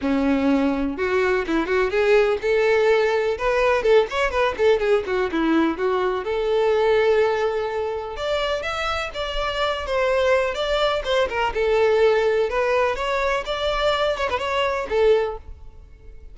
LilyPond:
\new Staff \with { instrumentName = "violin" } { \time 4/4 \tempo 4 = 125 cis'2 fis'4 e'8 fis'8 | gis'4 a'2 b'4 | a'8 cis''8 b'8 a'8 gis'8 fis'8 e'4 | fis'4 a'2.~ |
a'4 d''4 e''4 d''4~ | d''8 c''4. d''4 c''8 ais'8 | a'2 b'4 cis''4 | d''4. cis''16 b'16 cis''4 a'4 | }